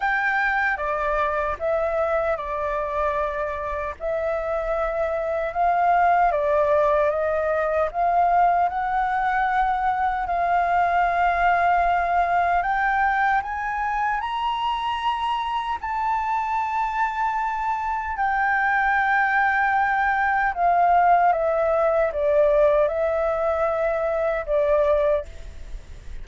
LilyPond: \new Staff \with { instrumentName = "flute" } { \time 4/4 \tempo 4 = 76 g''4 d''4 e''4 d''4~ | d''4 e''2 f''4 | d''4 dis''4 f''4 fis''4~ | fis''4 f''2. |
g''4 gis''4 ais''2 | a''2. g''4~ | g''2 f''4 e''4 | d''4 e''2 d''4 | }